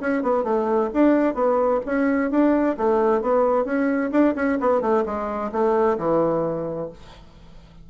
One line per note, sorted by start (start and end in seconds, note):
0.00 0.22 C#4
0.22 0.43 B3
0.43 0.89 A3
0.93 1.34 D4
1.34 1.80 B3
1.85 2.30 C#4
2.30 2.76 D4
2.77 3.21 A3
3.21 3.65 B3
3.65 4.10 C#4
4.11 4.34 D4
4.35 4.58 C#4
4.60 4.81 B3
4.81 5.04 A3
5.05 5.51 G#3
5.51 5.97 A3
5.98 6.89 E3